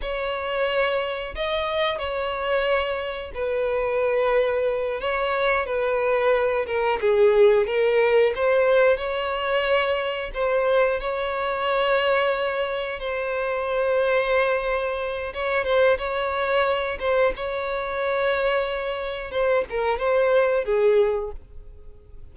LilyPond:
\new Staff \with { instrumentName = "violin" } { \time 4/4 \tempo 4 = 90 cis''2 dis''4 cis''4~ | cis''4 b'2~ b'8 cis''8~ | cis''8 b'4. ais'8 gis'4 ais'8~ | ais'8 c''4 cis''2 c''8~ |
c''8 cis''2. c''8~ | c''2. cis''8 c''8 | cis''4. c''8 cis''2~ | cis''4 c''8 ais'8 c''4 gis'4 | }